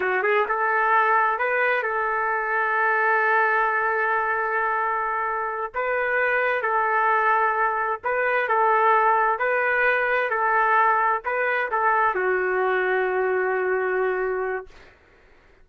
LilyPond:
\new Staff \with { instrumentName = "trumpet" } { \time 4/4 \tempo 4 = 131 fis'8 gis'8 a'2 b'4 | a'1~ | a'1~ | a'8 b'2 a'4.~ |
a'4. b'4 a'4.~ | a'8 b'2 a'4.~ | a'8 b'4 a'4 fis'4.~ | fis'1 | }